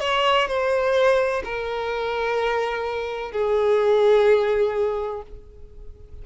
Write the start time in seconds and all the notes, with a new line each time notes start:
0.00 C#5
0.48 C5
1.45 A#4
3.32 G#4